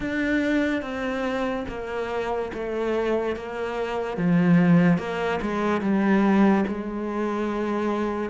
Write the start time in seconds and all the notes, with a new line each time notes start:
0.00 D4
0.82 C4
1.68 A#3
2.53 A3
3.36 A#3
4.17 F3
4.98 A#3
5.41 G#3
5.81 G3
6.67 G#3